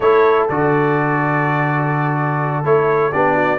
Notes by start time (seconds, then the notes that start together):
0.00 A3 E4 A4 C#5
0.49 D3 F#4 D5
2.63 A3 E4 C#5
3.11 B3 D4 G4 D5
3.35 F#4